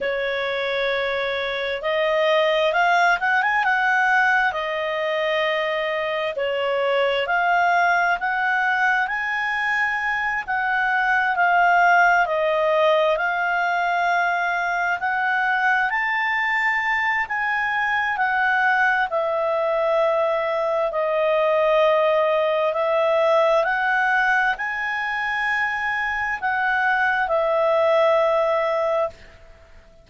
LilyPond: \new Staff \with { instrumentName = "clarinet" } { \time 4/4 \tempo 4 = 66 cis''2 dis''4 f''8 fis''16 gis''16 | fis''4 dis''2 cis''4 | f''4 fis''4 gis''4. fis''8~ | fis''8 f''4 dis''4 f''4.~ |
f''8 fis''4 a''4. gis''4 | fis''4 e''2 dis''4~ | dis''4 e''4 fis''4 gis''4~ | gis''4 fis''4 e''2 | }